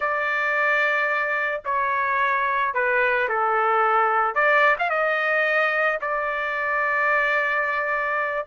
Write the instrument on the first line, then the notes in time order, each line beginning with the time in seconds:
trumpet
0.00 D5
1.64 C#5
2.73 B4
3.29 A4
4.35 D5
4.79 F5
4.89 D#5
6.01 D5